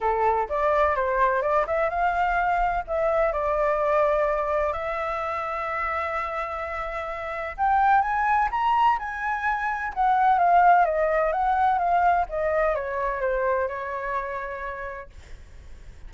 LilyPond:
\new Staff \with { instrumentName = "flute" } { \time 4/4 \tempo 4 = 127 a'4 d''4 c''4 d''8 e''8 | f''2 e''4 d''4~ | d''2 e''2~ | e''1 |
g''4 gis''4 ais''4 gis''4~ | gis''4 fis''4 f''4 dis''4 | fis''4 f''4 dis''4 cis''4 | c''4 cis''2. | }